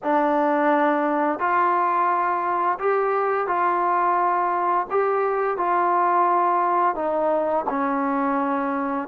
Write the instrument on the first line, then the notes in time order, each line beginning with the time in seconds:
trombone
0.03 D4
1.39 F4
2.79 G4
3.47 F4
4.90 G4
5.57 F4
6.95 D#4
7.69 C#4